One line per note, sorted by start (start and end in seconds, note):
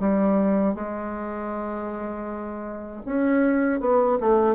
0.00 0.75 G3
0.75 3.02 G#3
3.06 3.80 C#4
3.80 4.18 B3
4.20 4.55 A3